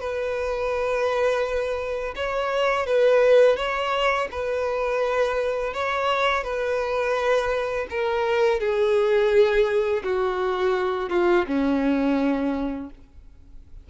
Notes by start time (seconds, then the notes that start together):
0.00 B4
2.16 C#5
2.86 B4
3.56 C#5
4.31 B4
5.73 C#5
6.44 B4
7.90 A#4
8.60 G#4
10.04 F#4
11.09 F4
11.47 C#4